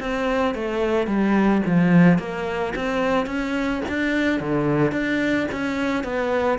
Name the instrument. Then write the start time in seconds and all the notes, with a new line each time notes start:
cello
0.00 C4
0.55 A3
1.07 G3
1.66 F3
2.19 A#3
2.75 C4
3.27 C#4
3.89 D4
4.40 D3
4.92 D4
5.52 C#4
6.04 B3